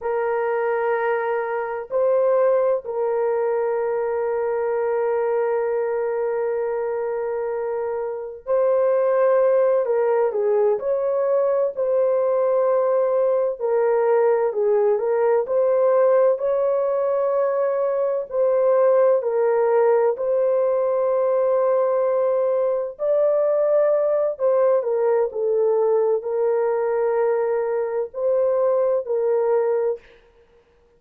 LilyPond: \new Staff \with { instrumentName = "horn" } { \time 4/4 \tempo 4 = 64 ais'2 c''4 ais'4~ | ais'1~ | ais'4 c''4. ais'8 gis'8 cis''8~ | cis''8 c''2 ais'4 gis'8 |
ais'8 c''4 cis''2 c''8~ | c''8 ais'4 c''2~ c''8~ | c''8 d''4. c''8 ais'8 a'4 | ais'2 c''4 ais'4 | }